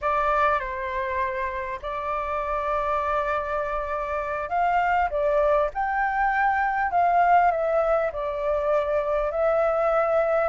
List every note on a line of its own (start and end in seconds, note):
0.01 0.59 D5
0.59 1.79 C5
1.82 4.49 D5
4.49 5.09 F5
5.10 5.70 D5
5.74 6.91 G5
6.91 7.51 F5
7.51 8.11 E5
8.12 9.31 D5
9.31 10.48 E5